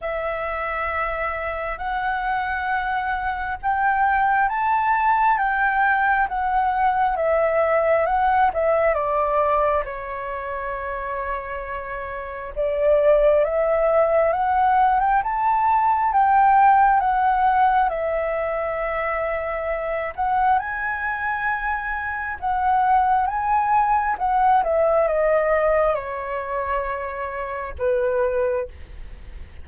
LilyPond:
\new Staff \with { instrumentName = "flute" } { \time 4/4 \tempo 4 = 67 e''2 fis''2 | g''4 a''4 g''4 fis''4 | e''4 fis''8 e''8 d''4 cis''4~ | cis''2 d''4 e''4 |
fis''8. g''16 a''4 g''4 fis''4 | e''2~ e''8 fis''8 gis''4~ | gis''4 fis''4 gis''4 fis''8 e''8 | dis''4 cis''2 b'4 | }